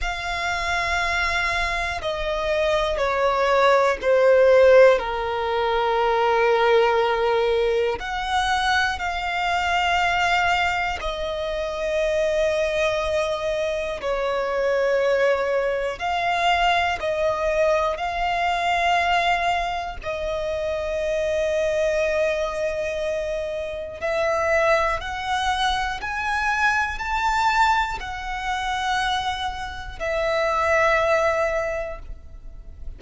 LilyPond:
\new Staff \with { instrumentName = "violin" } { \time 4/4 \tempo 4 = 60 f''2 dis''4 cis''4 | c''4 ais'2. | fis''4 f''2 dis''4~ | dis''2 cis''2 |
f''4 dis''4 f''2 | dis''1 | e''4 fis''4 gis''4 a''4 | fis''2 e''2 | }